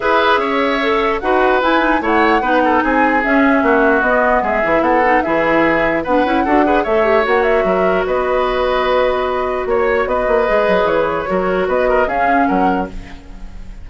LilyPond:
<<
  \new Staff \with { instrumentName = "flute" } { \time 4/4 \tempo 4 = 149 e''2. fis''4 | gis''4 fis''2 gis''4 | e''2 dis''4 e''4 | fis''4 e''2 fis''4~ |
fis''4 e''4 fis''8 e''4. | dis''1 | cis''4 dis''2 cis''4~ | cis''4 dis''4 f''4 fis''4 | }
  \new Staff \with { instrumentName = "oboe" } { \time 4/4 b'4 cis''2 b'4~ | b'4 cis''4 b'8 a'8 gis'4~ | gis'4 fis'2 gis'4 | a'4 gis'2 b'4 |
a'8 b'8 cis''2 ais'4 | b'1 | cis''4 b'2. | ais'4 b'8 ais'8 gis'4 ais'4 | }
  \new Staff \with { instrumentName = "clarinet" } { \time 4/4 gis'2 a'4 fis'4 | e'8 dis'8 e'4 dis'2 | cis'2 b4. e'8~ | e'8 dis'8 e'2 d'8 e'8 |
fis'8 gis'8 a'8 g'8 fis'2~ | fis'1~ | fis'2 gis'2 | fis'2 cis'2 | }
  \new Staff \with { instrumentName = "bassoon" } { \time 4/4 e'4 cis'2 dis'4 | e'4 a4 b4 c'4 | cis'4 ais4 b4 gis8 e8 | b4 e2 b8 cis'8 |
d'4 a4 ais4 fis4 | b1 | ais4 b8 ais8 gis8 fis8 e4 | fis4 b4 cis'4 fis4 | }
>>